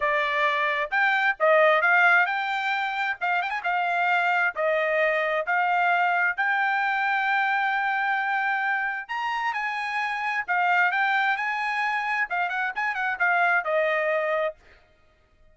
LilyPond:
\new Staff \with { instrumentName = "trumpet" } { \time 4/4 \tempo 4 = 132 d''2 g''4 dis''4 | f''4 g''2 f''8 g''16 gis''16 | f''2 dis''2 | f''2 g''2~ |
g''1 | ais''4 gis''2 f''4 | g''4 gis''2 f''8 fis''8 | gis''8 fis''8 f''4 dis''2 | }